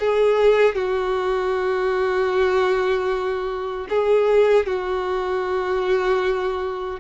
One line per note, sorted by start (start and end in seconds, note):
0.00 0.75 G#4
0.75 3.87 F#4
3.90 4.66 G#4
4.66 7.00 F#4